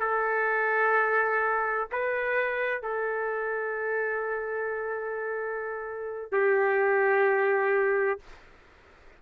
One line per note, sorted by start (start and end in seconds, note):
0.00 1.87 A4
1.92 2.83 B4
2.83 6.32 A4
6.32 8.19 G4